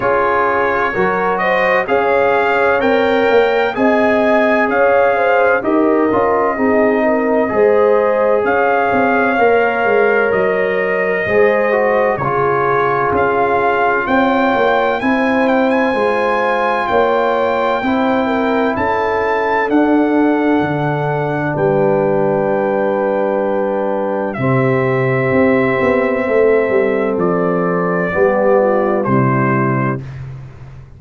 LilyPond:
<<
  \new Staff \with { instrumentName = "trumpet" } { \time 4/4 \tempo 4 = 64 cis''4. dis''8 f''4 g''4 | gis''4 f''4 dis''2~ | dis''4 f''2 dis''4~ | dis''4 cis''4 f''4 g''4 |
gis''8 g''16 gis''4~ gis''16 g''2 | a''4 fis''2 g''4~ | g''2 e''2~ | e''4 d''2 c''4 | }
  \new Staff \with { instrumentName = "horn" } { \time 4/4 gis'4 ais'8 c''8 cis''2 | dis''4 cis''8 c''8 ais'4 gis'8 ais'8 | c''4 cis''2. | c''4 gis'2 cis''4 |
c''2 cis''4 c''8 ais'8 | a'2. b'4~ | b'2 g'2 | a'2 g'8 f'8 e'4 | }
  \new Staff \with { instrumentName = "trombone" } { \time 4/4 f'4 fis'4 gis'4 ais'4 | gis'2 g'8 f'8 dis'4 | gis'2 ais'2 | gis'8 fis'8 f'2. |
e'4 f'2 e'4~ | e'4 d'2.~ | d'2 c'2~ | c'2 b4 g4 | }
  \new Staff \with { instrumentName = "tuba" } { \time 4/4 cis'4 fis4 cis'4 c'8 ais8 | c'4 cis'4 dis'8 cis'8 c'4 | gis4 cis'8 c'8 ais8 gis8 fis4 | gis4 cis4 cis'4 c'8 ais8 |
c'4 gis4 ais4 c'4 | cis'4 d'4 d4 g4~ | g2 c4 c'8 b8 | a8 g8 f4 g4 c4 | }
>>